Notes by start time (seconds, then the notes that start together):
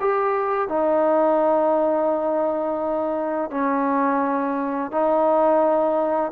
0.00 G4
0.68 D#4
3.50 C#4
4.91 D#4